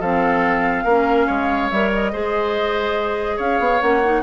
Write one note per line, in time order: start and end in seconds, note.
0.00 0.85 F3
0.00 0.87 C4
0.00 0.84 A4
0.00 1.70 F5
0.84 1.27 A#3
0.84 1.73 C#4
0.84 1.26 A#4
1.27 1.71 G#3
1.27 2.12 C#5
1.70 2.14 G3
1.70 2.13 A#4
1.70 1.91 E5
1.93 3.40 D#5
2.13 3.39 G#3
2.13 3.81 G#4
2.13 3.37 C5
3.37 3.60 C#4
3.37 4.22 C#5
3.37 3.82 F5
3.60 3.81 B3
3.81 4.23 A#3
3.81 4.02 C#4
3.81 4.23 F#5
4.05 4.23 D#4